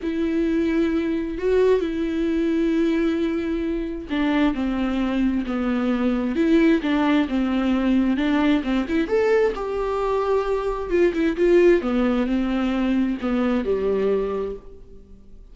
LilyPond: \new Staff \with { instrumentName = "viola" } { \time 4/4 \tempo 4 = 132 e'2. fis'4 | e'1~ | e'4 d'4 c'2 | b2 e'4 d'4 |
c'2 d'4 c'8 e'8 | a'4 g'2. | f'8 e'8 f'4 b4 c'4~ | c'4 b4 g2 | }